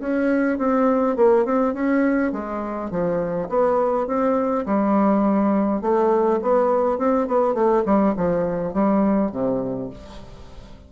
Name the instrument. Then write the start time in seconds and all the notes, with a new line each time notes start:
bassoon
0.00 C#4
0.58 C4
1.17 A#3
1.45 C4
1.74 C#4
2.32 G#3
2.91 F3
3.49 B3
4.07 C4
4.66 G3
5.82 A3
6.42 B3
6.98 C4
7.28 B3
7.54 A3
7.86 G3
8.17 F3
8.74 G3
9.32 C3